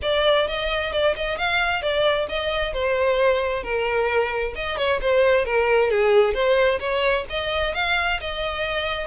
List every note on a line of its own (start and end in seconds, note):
0.02 0.47 D5
0.47 0.92 D#5
0.92 1.15 D5
1.15 1.38 D#5
1.38 1.81 F5
1.81 2.27 D5
2.28 2.73 D#5
2.73 3.63 C5
3.63 4.54 A#4
4.55 4.77 D#5
4.77 5.00 C#5
5.01 5.45 C5
5.45 5.90 A#4
5.90 6.33 G#4
6.33 6.79 C5
6.79 7.25 C#5
7.29 7.74 D#5
7.74 8.19 F5
8.20 9.07 D#5